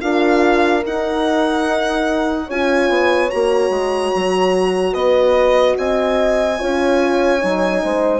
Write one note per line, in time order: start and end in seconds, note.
0.00 0.84 D4
0.00 0.82 F4
0.00 2.46 A#4
0.00 0.83 F5
0.84 2.48 D#4
0.84 2.50 D#4
0.84 2.50 F#5
2.46 2.89 C#4
2.46 3.31 F4
2.46 4.92 C#5
2.46 3.30 G#5
2.89 3.30 B3
3.30 3.69 A#3
3.30 6.58 F#4
3.30 4.93 A#5
3.69 4.10 G#3
4.15 4.93 F#3
4.92 5.76 B3
4.92 5.74 B4
4.92 5.76 D#5
5.77 6.60 C4
5.77 6.59 D#5
5.77 8.20 G#5
6.58 7.43 C#4
6.58 7.39 F4
6.58 7.82 C#5
7.39 7.84 F#3
7.39 8.20 D#4
7.83 8.20 G#3
7.83 8.20 C5